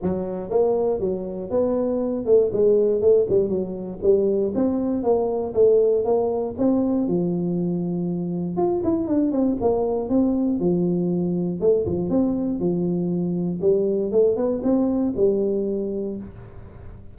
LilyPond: \new Staff \with { instrumentName = "tuba" } { \time 4/4 \tempo 4 = 119 fis4 ais4 fis4 b4~ | b8 a8 gis4 a8 g8 fis4 | g4 c'4 ais4 a4 | ais4 c'4 f2~ |
f4 f'8 e'8 d'8 c'8 ais4 | c'4 f2 a8 f8 | c'4 f2 g4 | a8 b8 c'4 g2 | }